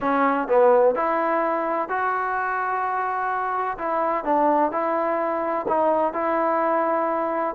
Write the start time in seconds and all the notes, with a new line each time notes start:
0.00 C#4
0.48 B3
0.95 E4
1.88 F#4
3.78 E4
4.24 D4
4.71 E4
5.68 D#4
6.13 E4